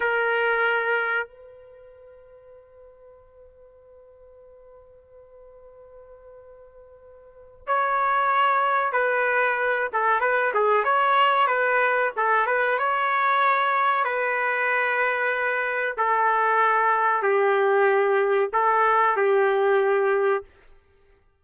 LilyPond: \new Staff \with { instrumentName = "trumpet" } { \time 4/4 \tempo 4 = 94 ais'2 b'2~ | b'1~ | b'1 | cis''2 b'4. a'8 |
b'8 gis'8 cis''4 b'4 a'8 b'8 | cis''2 b'2~ | b'4 a'2 g'4~ | g'4 a'4 g'2 | }